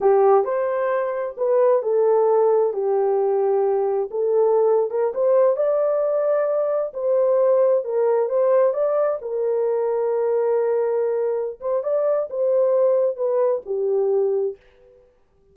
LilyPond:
\new Staff \with { instrumentName = "horn" } { \time 4/4 \tempo 4 = 132 g'4 c''2 b'4 | a'2 g'2~ | g'4 a'4.~ a'16 ais'8 c''8.~ | c''16 d''2. c''8.~ |
c''4~ c''16 ais'4 c''4 d''8.~ | d''16 ais'2.~ ais'8.~ | ais'4. c''8 d''4 c''4~ | c''4 b'4 g'2 | }